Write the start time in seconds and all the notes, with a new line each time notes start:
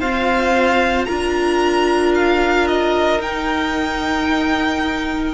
0.00 C4 F4 C5 F5
1.05 D4 F4 A#4 A#5
2.15 F5
2.68 D#5
3.20 D#4 G5